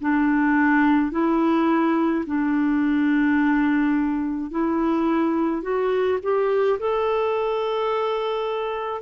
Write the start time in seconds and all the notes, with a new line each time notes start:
0.00 D4
1.11 E4
2.25 D4
4.51 E4
5.62 F#4
6.22 G4
6.79 A4